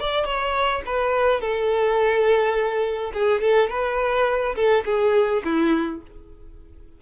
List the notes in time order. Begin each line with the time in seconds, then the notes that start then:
0.00 D5
0.25 C#5
0.86 B4
1.41 A4
3.14 G#4
3.41 A4
3.70 B4
4.56 A4
4.85 G#4
5.45 E4